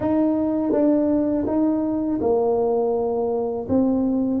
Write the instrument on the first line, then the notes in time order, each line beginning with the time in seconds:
tuba
0.00 D#4
0.72 D4
1.46 D#4
2.21 A#3
3.68 C4